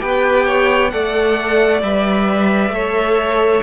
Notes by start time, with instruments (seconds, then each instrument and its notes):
0.00 cello B3, viola G4, violin B4 G5
0.46 violin C#5
0.90 cello A3, viola A4, violin D5 F#5
1.82 cello G3, viola B4, violin E5
2.69 cello A3, viola A4, violin C#5